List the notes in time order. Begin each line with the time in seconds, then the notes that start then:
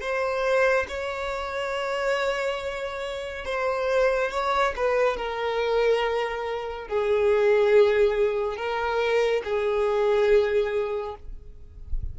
0.00 C5
0.88 C#5
3.45 C5
4.31 C#5
4.76 B4
5.16 A#4
6.87 G#4
8.56 A#4
9.44 G#4